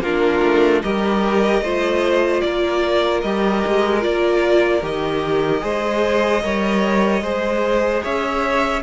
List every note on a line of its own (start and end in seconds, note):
0.00 0.40 A#3
0.00 0.83 D4
0.00 0.83 F4
0.00 0.82 A#4
0.43 0.83 A3
0.82 1.62 G3
0.82 1.63 G4
0.82 1.63 A#4
0.82 2.41 D#5
1.62 2.42 A3
1.62 3.25 F4
1.62 2.43 C5
2.41 3.23 A#3
2.41 5.63 A#4
2.41 3.21 D5
3.21 3.63 G3
3.21 4.01 G4
3.21 4.01 D#5
3.66 4.05 G#3
4.01 4.82 A#3
4.01 4.81 F4
4.01 4.83 D5
4.82 5.62 D#3
4.82 5.60 G4
4.82 8.04 D#5
5.60 6.44 G#3
5.60 6.40 G#4
5.60 6.43 C5
6.43 7.22 G3
6.43 7.23 A#4
6.43 7.23 C#5
7.22 8.02 G#3
7.22 8.83 G#4
7.22 8.03 C5
8.03 8.83 C#4
8.03 8.83 C#5
8.03 8.83 E5